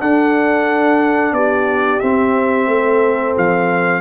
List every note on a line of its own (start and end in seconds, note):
0.00 1.32 D4
0.00 2.01 D4
0.00 1.35 A4
0.00 1.34 F#5
1.32 2.00 B3
1.32 2.69 G4
1.32 2.00 D5
2.00 4.01 C4
2.00 2.67 C4
2.00 3.34 E5
2.67 3.34 A3
2.67 4.01 A4
3.37 4.01 F3
3.37 4.01 F5